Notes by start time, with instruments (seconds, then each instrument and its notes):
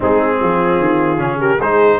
0.00 tuba G#3, trombone C4, horn D#4, trumpet G#4
0.40 tuba F3, horn F4
0.79 tuba D#3
1.17 tuba C#3, trombone C#4
1.39 horn G4, trumpet A#4
1.57 tuba G#3, trombone D#4, horn G#4, trumpet C5